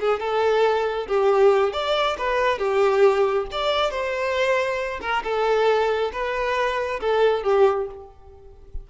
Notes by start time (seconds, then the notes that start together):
0.00 G#4
0.20 A4
1.08 G4
1.73 D5
2.18 B4
2.59 G4
3.52 D5
3.91 C5
5.01 A#4
5.24 A4
6.13 B4
7.01 A4
7.43 G4